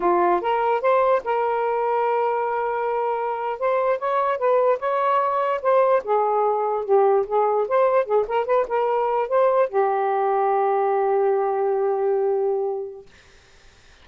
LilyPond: \new Staff \with { instrumentName = "saxophone" } { \time 4/4 \tempo 4 = 147 f'4 ais'4 c''4 ais'4~ | ais'1~ | ais'8. c''4 cis''4 b'4 cis''16~ | cis''4.~ cis''16 c''4 gis'4~ gis'16~ |
gis'8. g'4 gis'4 c''4 gis'16~ | gis'16 ais'8 b'8 ais'4. c''4 g'16~ | g'1~ | g'1 | }